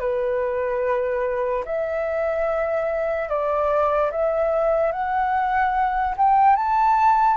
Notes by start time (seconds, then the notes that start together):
0.00 B4
1.66 E5
3.29 D5
4.12 E5
4.93 F#5
6.18 G5
6.56 A5